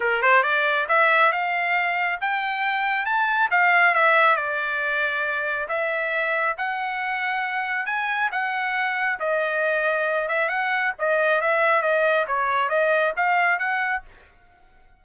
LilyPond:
\new Staff \with { instrumentName = "trumpet" } { \time 4/4 \tempo 4 = 137 ais'8 c''8 d''4 e''4 f''4~ | f''4 g''2 a''4 | f''4 e''4 d''2~ | d''4 e''2 fis''4~ |
fis''2 gis''4 fis''4~ | fis''4 dis''2~ dis''8 e''8 | fis''4 dis''4 e''4 dis''4 | cis''4 dis''4 f''4 fis''4 | }